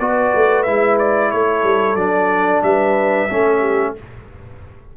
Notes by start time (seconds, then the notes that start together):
0.00 B3 F#4 B4 D5
0.35 A3
0.64 G#3 E4 E5
0.99 D5
1.31 A3 A4 C#5
1.64 G3
1.96 F#3 D4 D5
2.63 G3 B4 E5
3.30 A3 C#4 A4
3.60 G4